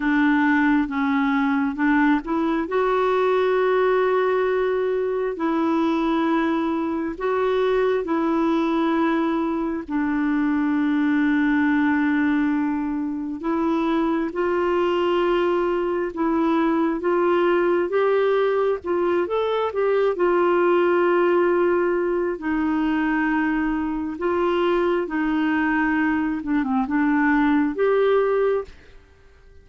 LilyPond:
\new Staff \with { instrumentName = "clarinet" } { \time 4/4 \tempo 4 = 67 d'4 cis'4 d'8 e'8 fis'4~ | fis'2 e'2 | fis'4 e'2 d'4~ | d'2. e'4 |
f'2 e'4 f'4 | g'4 f'8 a'8 g'8 f'4.~ | f'4 dis'2 f'4 | dis'4. d'16 c'16 d'4 g'4 | }